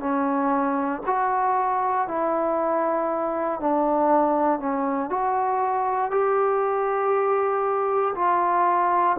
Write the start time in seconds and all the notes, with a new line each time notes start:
0.00 C#4
1.07 F#4
2.08 E4
3.61 D4
4.60 C#4
5.10 F#4
6.11 G4
8.15 F4